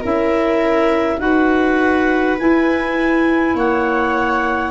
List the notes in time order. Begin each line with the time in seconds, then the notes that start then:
0.00 C#4 E4 A#4 E5
1.18 D#4 F#4 B4 F#5
2.38 E4 G#5
3.54 A#3 C#5 F#5